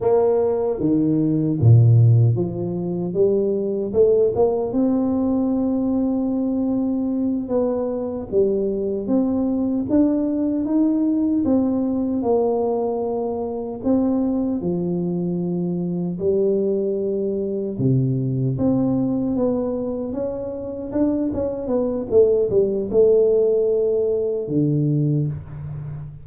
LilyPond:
\new Staff \with { instrumentName = "tuba" } { \time 4/4 \tempo 4 = 76 ais4 dis4 ais,4 f4 | g4 a8 ais8 c'2~ | c'4. b4 g4 c'8~ | c'8 d'4 dis'4 c'4 ais8~ |
ais4. c'4 f4.~ | f8 g2 c4 c'8~ | c'8 b4 cis'4 d'8 cis'8 b8 | a8 g8 a2 d4 | }